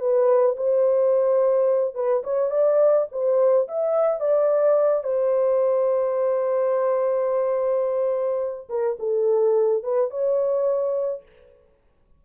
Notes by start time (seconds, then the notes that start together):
0.00 B4
0.57 C5
1.95 B4
2.24 C#5
2.51 D5
3.12 C5
3.68 E5
4.20 D5
5.04 C5
8.69 A#4
8.99 A4
9.84 B4
10.11 C#5